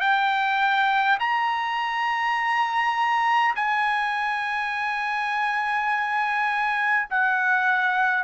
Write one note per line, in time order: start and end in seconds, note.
0.00 1.18 G5
1.19 3.55 A#5
3.55 7.08 G#5
7.10 8.24 F#5